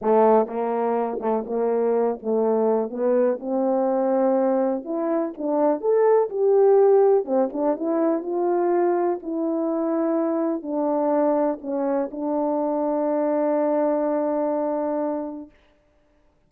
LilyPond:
\new Staff \with { instrumentName = "horn" } { \time 4/4 \tempo 4 = 124 a4 ais4. a8 ais4~ | ais8 a4. b4 c'4~ | c'2 e'4 d'4 | a'4 g'2 c'8 d'8 |
e'4 f'2 e'4~ | e'2 d'2 | cis'4 d'2.~ | d'1 | }